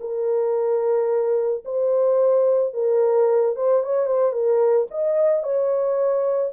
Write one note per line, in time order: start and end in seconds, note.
0.00 1.64 A#4
1.65 2.73 C5
2.73 3.55 A#4
3.56 3.83 C5
3.83 4.06 C#5
4.06 4.32 C5
4.32 4.87 A#4
4.90 5.43 D#5
5.43 6.52 C#5